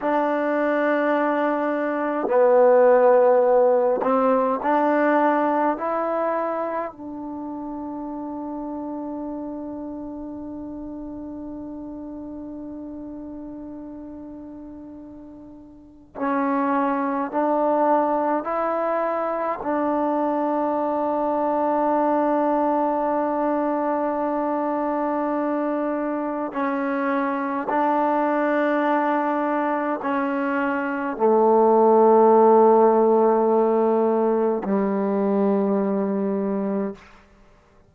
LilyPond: \new Staff \with { instrumentName = "trombone" } { \time 4/4 \tempo 4 = 52 d'2 b4. c'8 | d'4 e'4 d'2~ | d'1~ | d'2 cis'4 d'4 |
e'4 d'2.~ | d'2. cis'4 | d'2 cis'4 a4~ | a2 g2 | }